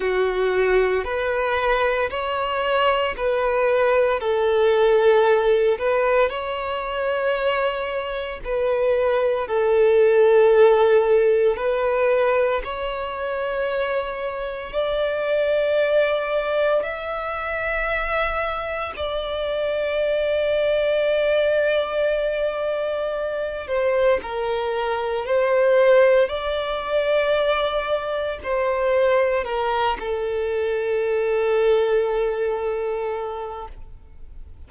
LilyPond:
\new Staff \with { instrumentName = "violin" } { \time 4/4 \tempo 4 = 57 fis'4 b'4 cis''4 b'4 | a'4. b'8 cis''2 | b'4 a'2 b'4 | cis''2 d''2 |
e''2 d''2~ | d''2~ d''8 c''8 ais'4 | c''4 d''2 c''4 | ais'8 a'2.~ a'8 | }